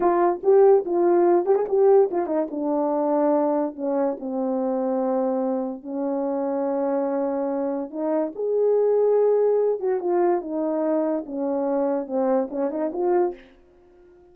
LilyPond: \new Staff \with { instrumentName = "horn" } { \time 4/4 \tempo 4 = 144 f'4 g'4 f'4. g'16 gis'16 | g'4 f'8 dis'8 d'2~ | d'4 cis'4 c'2~ | c'2 cis'2~ |
cis'2. dis'4 | gis'2.~ gis'8 fis'8 | f'4 dis'2 cis'4~ | cis'4 c'4 cis'8 dis'8 f'4 | }